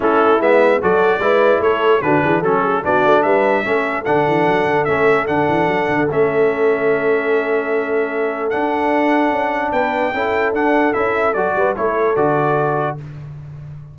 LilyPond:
<<
  \new Staff \with { instrumentName = "trumpet" } { \time 4/4 \tempo 4 = 148 a'4 e''4 d''2 | cis''4 b'4 a'4 d''4 | e''2 fis''2 | e''4 fis''2 e''4~ |
e''1~ | e''4 fis''2. | g''2 fis''4 e''4 | d''4 cis''4 d''2 | }
  \new Staff \with { instrumentName = "horn" } { \time 4/4 e'2 a'4 b'4 | a'4 fis'8 gis'8 a'8 gis'8 fis'4 | b'4 a'2.~ | a'1~ |
a'1~ | a'1 | b'4 a'2.~ | a'8 b'8 a'2. | }
  \new Staff \with { instrumentName = "trombone" } { \time 4/4 cis'4 b4 fis'4 e'4~ | e'4 d'4 cis'4 d'4~ | d'4 cis'4 d'2 | cis'4 d'2 cis'4~ |
cis'1~ | cis'4 d'2.~ | d'4 e'4 d'4 e'4 | fis'4 e'4 fis'2 | }
  \new Staff \with { instrumentName = "tuba" } { \time 4/4 a4 gis4 fis4 gis4 | a4 d8 e8 fis4 b8 a8 | g4 a4 d8 e8 fis8 d8 | a4 d8 e8 fis8 d8 a4~ |
a1~ | a4 d'2 cis'4 | b4 cis'4 d'4 cis'4 | fis8 g8 a4 d2 | }
>>